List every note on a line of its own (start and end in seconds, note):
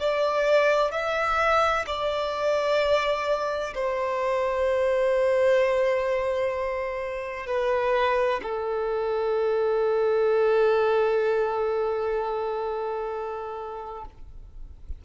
0.00 0.92 D5
0.92 1.85 E5
1.87 3.74 D5
3.75 7.47 C5
7.47 8.41 B4
8.43 14.05 A4